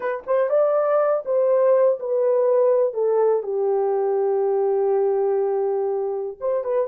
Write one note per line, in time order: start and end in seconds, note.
0.00 0.23 B4
0.26 0.49 C5
0.49 1.23 D5
1.25 1.99 C5
1.99 2.93 B4
2.93 3.42 A4
3.42 6.37 G4
6.40 6.63 C5
6.63 6.87 B4